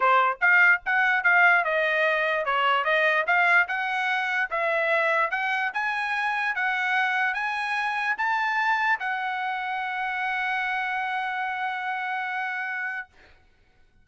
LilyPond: \new Staff \with { instrumentName = "trumpet" } { \time 4/4 \tempo 4 = 147 c''4 f''4 fis''4 f''4 | dis''2 cis''4 dis''4 | f''4 fis''2 e''4~ | e''4 fis''4 gis''2 |
fis''2 gis''2 | a''2 fis''2~ | fis''1~ | fis''1 | }